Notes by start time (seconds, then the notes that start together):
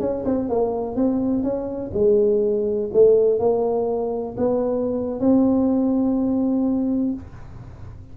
0.00 C#4
0.25 C4
0.49 A#3
0.96 C4
1.43 C#4
1.94 G#3
2.93 A3
3.39 A#3
4.37 B3
5.20 C4